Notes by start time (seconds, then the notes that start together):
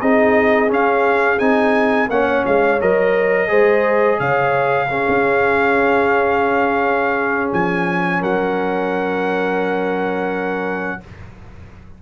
0.00 C4 D#4 G#4 D#5
0.68 C#4 F5
1.38 C4 D#4 G#5
2.09 A#3 C#4 C#5 F#5
2.46 G#3 F5
2.81 F#3 A#4 D#5
3.47 G#3 G#4 C5
4.19 C#3 C#5 F5
4.88 C#4 G#4
5.08 C#4
7.53 F3 G#5
8.19 F#3 A#4 F#5